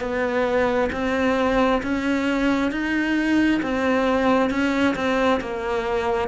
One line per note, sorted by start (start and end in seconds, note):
0.00 0.90 B3
0.92 1.82 C4
1.83 2.71 C#4
2.71 3.61 D#4
3.62 4.50 C4
4.50 4.95 C#4
4.95 5.40 C4
5.41 6.28 A#3